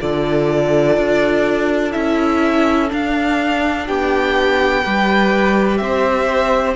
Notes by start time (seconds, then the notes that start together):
0.00 D3 F4 A4 D5
0.97 D4
1.92 C#4 E4 E5
2.89 D4 F5
3.86 B3 G4 G5
4.82 G3 G4 B4
5.77 C4 C5 E5